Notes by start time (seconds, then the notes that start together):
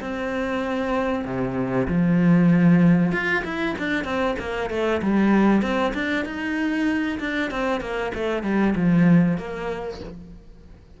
0.00 C4
1.24 C3
1.87 F3
3.12 F4
3.44 E4
3.78 D4
4.04 C4
4.39 A#3
4.70 A3
5.02 G3
5.62 C4
5.93 D4
6.25 D#4
7.19 D4
7.50 C4
7.80 A#3
8.14 A3
8.43 G3
8.75 F3
9.37 A#3